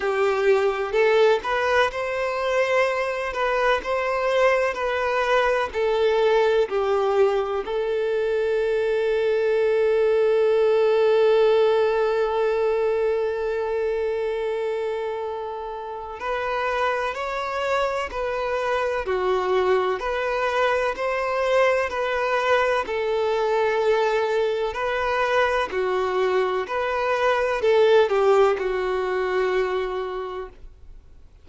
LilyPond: \new Staff \with { instrumentName = "violin" } { \time 4/4 \tempo 4 = 63 g'4 a'8 b'8 c''4. b'8 | c''4 b'4 a'4 g'4 | a'1~ | a'1~ |
a'4 b'4 cis''4 b'4 | fis'4 b'4 c''4 b'4 | a'2 b'4 fis'4 | b'4 a'8 g'8 fis'2 | }